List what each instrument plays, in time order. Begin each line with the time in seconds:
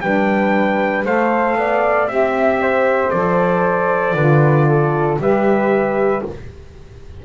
0.00 double bass G3, saxophone D4, flute B4, trumpet G5
1.05 double bass A3, saxophone A4, flute C5, trumpet F5
1.55 double bass B3, flute D5
2.07 double bass C4, saxophone G4, trumpet E5, flute E5
2.61 flute C5
3.10 double bass F3, saxophone A4, trumpet D5
4.14 double bass D3, saxophone F4, flute B4
4.68 flute A4
5.18 double bass G3, saxophone G4, flute B4, trumpet E5